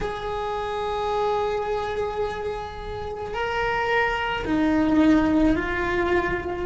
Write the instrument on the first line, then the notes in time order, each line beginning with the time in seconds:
cello
0.01 G#4
3.33 A#4
4.44 D#4
5.55 F4